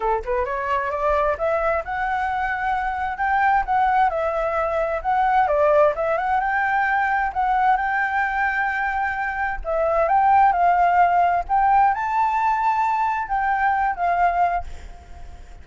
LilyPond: \new Staff \with { instrumentName = "flute" } { \time 4/4 \tempo 4 = 131 a'8 b'8 cis''4 d''4 e''4 | fis''2. g''4 | fis''4 e''2 fis''4 | d''4 e''8 fis''8 g''2 |
fis''4 g''2.~ | g''4 e''4 g''4 f''4~ | f''4 g''4 a''2~ | a''4 g''4. f''4. | }